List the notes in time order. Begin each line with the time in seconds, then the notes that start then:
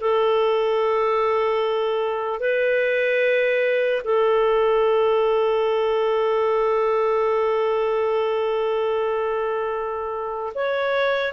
0.00 A4
2.40 B4
4.04 A4
10.54 C#5